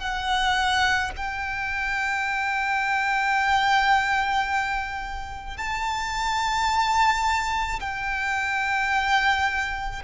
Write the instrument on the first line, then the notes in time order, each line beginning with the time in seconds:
violin
0.00 F#5
1.17 G5
5.58 A5
7.80 G5